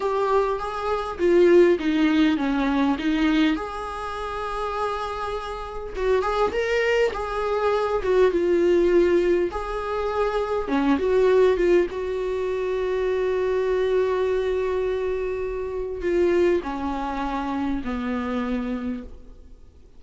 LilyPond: \new Staff \with { instrumentName = "viola" } { \time 4/4 \tempo 4 = 101 g'4 gis'4 f'4 dis'4 | cis'4 dis'4 gis'2~ | gis'2 fis'8 gis'8 ais'4 | gis'4. fis'8 f'2 |
gis'2 cis'8 fis'4 f'8 | fis'1~ | fis'2. f'4 | cis'2 b2 | }